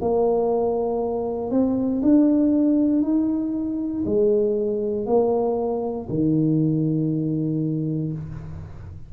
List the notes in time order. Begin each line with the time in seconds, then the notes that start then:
0.00 A#3
1.50 C4
2.02 D4
3.02 D#4
4.05 G#3
5.06 A#3
6.09 D#3